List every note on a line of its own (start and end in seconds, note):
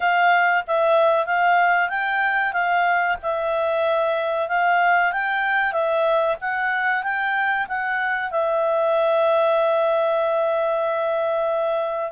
0.00 0.64 F5
0.67 1.26 E5
1.26 1.89 F5
1.89 2.52 G5
2.52 3.16 F5
3.22 4.48 E5
4.48 5.12 F5
5.12 5.72 G5
5.72 6.36 E5
6.41 7.03 F#5
7.03 7.67 G5
7.68 8.30 F#5
8.30 12.12 E5